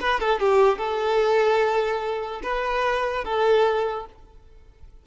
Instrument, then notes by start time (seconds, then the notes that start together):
violin
0.00 B4
0.20 A4
0.39 G4
0.78 A4
2.43 B4
3.24 A4